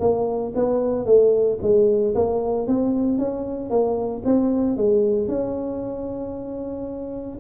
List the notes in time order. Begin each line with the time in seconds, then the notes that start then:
0.00 A#3
0.55 B3
1.06 A3
1.62 G#3
2.15 A#3
2.67 C4
3.18 C#4
3.70 A#3
4.25 C4
4.77 G#3
5.28 C#4